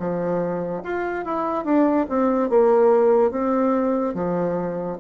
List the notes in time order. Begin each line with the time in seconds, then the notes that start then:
0.00 F3
0.84 F4
1.26 E4
1.65 D4
2.09 C4
2.50 A#3
3.31 C4
4.15 F3